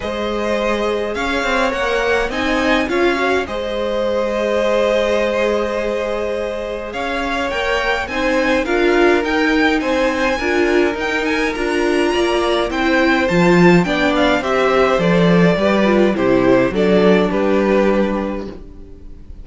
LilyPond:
<<
  \new Staff \with { instrumentName = "violin" } { \time 4/4 \tempo 4 = 104 dis''2 f''4 fis''4 | gis''4 f''4 dis''2~ | dis''1 | f''4 g''4 gis''4 f''4 |
g''4 gis''2 g''8 gis''8 | ais''2 g''4 a''4 | g''8 f''8 e''4 d''2 | c''4 d''4 b'2 | }
  \new Staff \with { instrumentName = "violin" } { \time 4/4 c''2 cis''2 | dis''4 cis''4 c''2~ | c''1 | cis''2 c''4 ais'4~ |
ais'4 c''4 ais'2~ | ais'4 d''4 c''2 | d''4 c''2 b'4 | g'4 a'4 g'2 | }
  \new Staff \with { instrumentName = "viola" } { \time 4/4 gis'2. ais'4 | dis'4 f'8 fis'8 gis'2~ | gis'1~ | gis'4 ais'4 dis'4 f'4 |
dis'2 f'4 dis'4 | f'2 e'4 f'4 | d'4 g'4 a'4 g'8 f'8 | e'4 d'2. | }
  \new Staff \with { instrumentName = "cello" } { \time 4/4 gis2 cis'8 c'8 ais4 | c'4 cis'4 gis2~ | gis1 | cis'4 ais4 c'4 d'4 |
dis'4 c'4 d'4 dis'4 | d'4 ais4 c'4 f4 | b4 c'4 f4 g4 | c4 fis4 g2 | }
>>